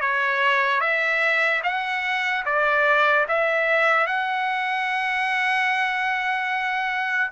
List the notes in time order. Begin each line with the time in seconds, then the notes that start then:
0.00 C#5
0.80 E5
1.63 F#5
2.45 D5
3.28 E5
4.07 F#5